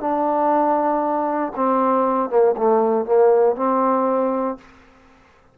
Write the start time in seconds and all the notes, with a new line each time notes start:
0.00 D4
1.56 C4
2.30 A#3
2.57 A3
3.06 A#3
3.56 C4